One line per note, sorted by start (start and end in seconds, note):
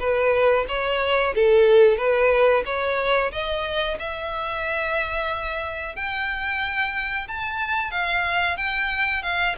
0.00 0.66 B4
0.69 1.35 C#5
1.35 1.98 A4
1.98 2.64 B4
2.66 3.32 C#5
3.32 3.98 D#5
4.00 5.96 E5
5.96 7.28 G5
7.28 7.92 A5
7.92 8.57 F5
8.57 9.23 G5
9.23 9.56 F5